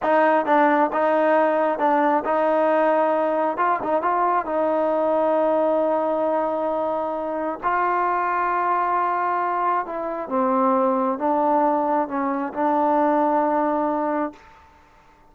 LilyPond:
\new Staff \with { instrumentName = "trombone" } { \time 4/4 \tempo 4 = 134 dis'4 d'4 dis'2 | d'4 dis'2. | f'8 dis'8 f'4 dis'2~ | dis'1~ |
dis'4 f'2.~ | f'2 e'4 c'4~ | c'4 d'2 cis'4 | d'1 | }